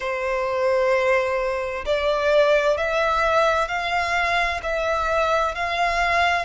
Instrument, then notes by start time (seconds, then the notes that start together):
violin
0.00 C5
1.85 D5
2.77 E5
3.68 F5
4.62 E5
5.54 F5